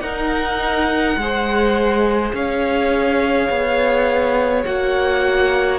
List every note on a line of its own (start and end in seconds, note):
0.00 1.16 D#4
0.00 1.17 D#4
0.00 1.18 A#4
0.00 2.31 F#5
1.17 2.32 G#3
1.17 4.64 G#4
1.17 2.35 C5
2.33 3.49 C#4
2.33 5.79 C#5
2.33 4.64 F5
3.49 4.64 B3
4.64 5.79 A#3
4.64 5.79 F#4
4.64 5.79 F#5